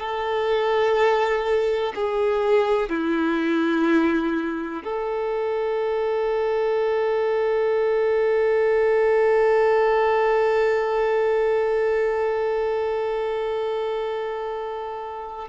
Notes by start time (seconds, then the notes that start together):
0.00 A4
1.96 G#4
2.90 E4
4.84 A4